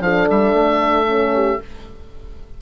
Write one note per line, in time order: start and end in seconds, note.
0.00 0.26 F3
0.00 1.06 D4
0.00 1.34 A4
0.00 0.28 F5
0.30 0.53 G3
0.30 1.61 E5
0.53 1.58 A3
1.06 1.59 C#4
1.34 1.60 G4